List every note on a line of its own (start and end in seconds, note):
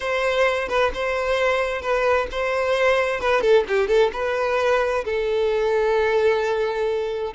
0.00 0.68 C5
0.68 0.91 B4
0.93 1.81 C5
1.81 2.27 B4
2.31 3.20 C5
3.20 3.41 B4
3.41 3.64 A4
3.68 3.87 G4
3.87 4.10 A4
4.13 5.04 B4
5.04 7.33 A4